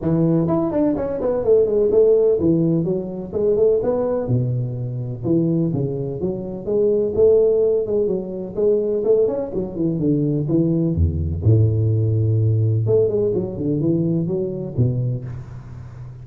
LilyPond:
\new Staff \with { instrumentName = "tuba" } { \time 4/4 \tempo 4 = 126 e4 e'8 d'8 cis'8 b8 a8 gis8 | a4 e4 fis4 gis8 a8 | b4 b,2 e4 | cis4 fis4 gis4 a4~ |
a8 gis8 fis4 gis4 a8 cis'8 | fis8 e8 d4 e4 e,4 | a,2. a8 gis8 | fis8 d8 e4 fis4 b,4 | }